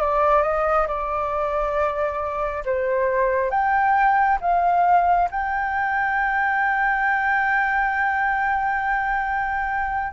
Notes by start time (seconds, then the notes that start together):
0.00 D5
0.42 D#5
0.87 D5
2.65 C5
3.50 G5
4.41 F5
5.30 G5